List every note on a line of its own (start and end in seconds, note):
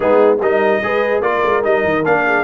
0.00 0.40 G#3
0.00 0.37 B3
0.00 0.39 D#4
0.00 0.38 G#4
0.40 0.81 G3
0.40 0.82 D#4
0.40 0.82 A#4
0.40 1.21 D#5
0.82 1.21 G#3
0.82 1.22 G#4
0.82 1.21 B4
1.21 1.41 A#3
1.21 1.63 F4
1.21 2.23 A#4
1.21 1.62 D5
1.44 1.64 G#3
1.63 1.84 G3
1.63 2.03 D#4
1.63 2.04 D#5
1.84 2.04 D#3
2.04 2.43 A#3
2.04 2.43 D4
2.04 2.43 F5
2.26 2.43 G#4